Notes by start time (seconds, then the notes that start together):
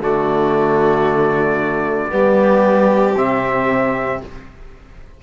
0.00 D3 A3 F#4 D5
2.09 G3 B3 G4
3.16 C3 C4 E5